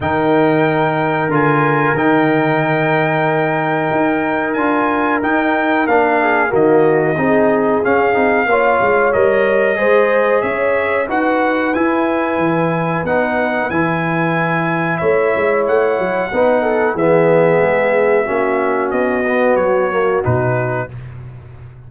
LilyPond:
<<
  \new Staff \with { instrumentName = "trumpet" } { \time 4/4 \tempo 4 = 92 g''2 gis''4 g''4~ | g''2. gis''4 | g''4 f''4 dis''2 | f''2 dis''2 |
e''4 fis''4 gis''2 | fis''4 gis''2 e''4 | fis''2 e''2~ | e''4 dis''4 cis''4 b'4 | }
  \new Staff \with { instrumentName = "horn" } { \time 4/4 ais'1~ | ais'1~ | ais'4. gis'8 fis'4 gis'4~ | gis'4 cis''2 c''4 |
cis''4 b'2.~ | b'2. cis''4~ | cis''4 b'8 a'8 gis'2 | fis'1 | }
  \new Staff \with { instrumentName = "trombone" } { \time 4/4 dis'2 f'4 dis'4~ | dis'2. f'4 | dis'4 d'4 ais4 dis'4 | cis'8 dis'8 f'4 ais'4 gis'4~ |
gis'4 fis'4 e'2 | dis'4 e'2.~ | e'4 dis'4 b2 | cis'4. b4 ais8 dis'4 | }
  \new Staff \with { instrumentName = "tuba" } { \time 4/4 dis2 d4 dis4~ | dis2 dis'4 d'4 | dis'4 ais4 dis4 c'4 | cis'8 c'8 ais8 gis8 g4 gis4 |
cis'4 dis'4 e'4 e4 | b4 e2 a8 gis8 | a8 fis8 b4 e4 gis4 | ais4 b4 fis4 b,4 | }
>>